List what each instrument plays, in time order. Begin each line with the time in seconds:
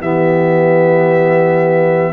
0.00 tuba E3, trombone B3, horn G4, trumpet E5